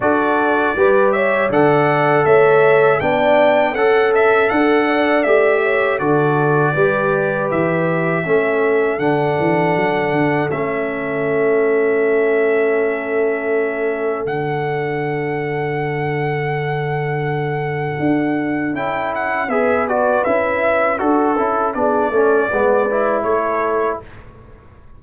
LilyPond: <<
  \new Staff \with { instrumentName = "trumpet" } { \time 4/4 \tempo 4 = 80 d''4. e''8 fis''4 e''4 | g''4 fis''8 e''8 fis''4 e''4 | d''2 e''2 | fis''2 e''2~ |
e''2. fis''4~ | fis''1~ | fis''4 g''8 fis''8 e''8 d''8 e''4 | a'4 d''2 cis''4 | }
  \new Staff \with { instrumentName = "horn" } { \time 4/4 a'4 b'8 cis''8 d''4 cis''4 | d''4 a'4. d''4 cis''8 | a'4 b'2 a'4~ | a'1~ |
a'1~ | a'1~ | a'2 b'2 | a'4 gis'8 a'8 b'4 a'4 | }
  \new Staff \with { instrumentName = "trombone" } { \time 4/4 fis'4 g'4 a'2 | d'4 a'2 g'4 | fis'4 g'2 cis'4 | d'2 cis'2~ |
cis'2. d'4~ | d'1~ | d'4 e'4 gis'8 fis'8 e'4 | fis'8 e'8 d'8 cis'8 b8 e'4. | }
  \new Staff \with { instrumentName = "tuba" } { \time 4/4 d'4 g4 d4 a4 | b4 cis'4 d'4 a4 | d4 g4 e4 a4 | d8 e8 fis8 d8 a2~ |
a2. d4~ | d1 | d'4 cis'4 b4 cis'4 | d'8 cis'8 b8 a8 gis4 a4 | }
>>